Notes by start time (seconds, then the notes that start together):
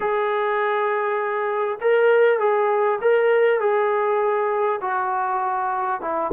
0.00 G#4
1.81 A#4
2.39 G#4
3.01 A#4
3.60 G#4
4.81 F#4
6.01 E4